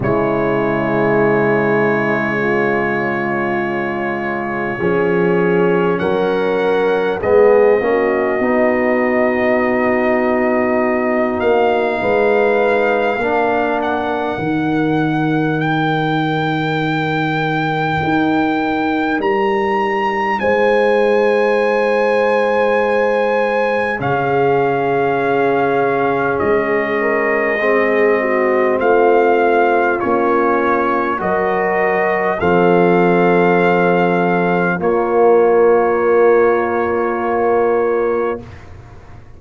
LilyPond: <<
  \new Staff \with { instrumentName = "trumpet" } { \time 4/4 \tempo 4 = 50 cis''1~ | cis''4 fis''4 dis''2~ | dis''4. f''2 fis''8~ | fis''4 g''2. |
ais''4 gis''2. | f''2 dis''2 | f''4 cis''4 dis''4 f''4~ | f''4 cis''2. | }
  \new Staff \with { instrumentName = "horn" } { \time 4/4 e'2 f'2 | gis'4 ais'4 gis'8 fis'4.~ | fis'2 b'4 ais'4~ | ais'1~ |
ais'4 c''2. | gis'2~ gis'8 ais'8 gis'8 fis'8 | f'2 ais'4 a'4~ | a'4 f'2. | }
  \new Staff \with { instrumentName = "trombone" } { \time 4/4 gis1 | cis'2 b8 cis'8 dis'4~ | dis'2. d'4 | dis'1~ |
dis'1 | cis'2. c'4~ | c'4 cis'4 fis'4 c'4~ | c'4 ais2. | }
  \new Staff \with { instrumentName = "tuba" } { \time 4/4 cis1 | f4 fis4 gis8 ais8 b4~ | b4. ais8 gis4 ais4 | dis2. dis'4 |
g4 gis2. | cis2 gis2 | a4 ais4 fis4 f4~ | f4 ais2. | }
>>